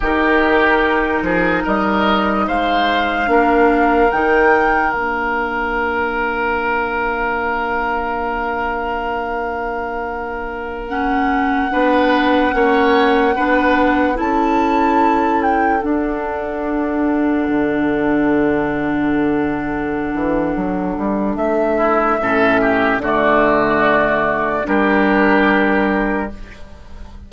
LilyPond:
<<
  \new Staff \with { instrumentName = "flute" } { \time 4/4 \tempo 4 = 73 ais'2 dis''4 f''4~ | f''4 g''4 f''2~ | f''1~ | f''4~ f''16 fis''2~ fis''8.~ |
fis''4~ fis''16 a''4. g''8 fis''8.~ | fis''1~ | fis''2 e''2 | d''2 ais'2 | }
  \new Staff \with { instrumentName = "oboe" } { \time 4/4 g'4. gis'8 ais'4 c''4 | ais'1~ | ais'1~ | ais'2~ ais'16 b'4 cis''8.~ |
cis''16 b'4 a'2~ a'8.~ | a'1~ | a'2~ a'8 e'8 a'8 g'8 | fis'2 g'2 | }
  \new Staff \with { instrumentName = "clarinet" } { \time 4/4 dis'1 | d'4 dis'4 d'2~ | d'1~ | d'4~ d'16 cis'4 d'4 cis'8.~ |
cis'16 d'4 e'2 d'8.~ | d'1~ | d'2. cis'4 | a2 d'2 | }
  \new Staff \with { instrumentName = "bassoon" } { \time 4/4 dis4. f8 g4 gis4 | ais4 dis4 ais2~ | ais1~ | ais2~ ais16 b4 ais8.~ |
ais16 b4 cis'2 d'8.~ | d'4~ d'16 d2~ d8.~ | d8 e8 fis8 g8 a4 a,4 | d2 g2 | }
>>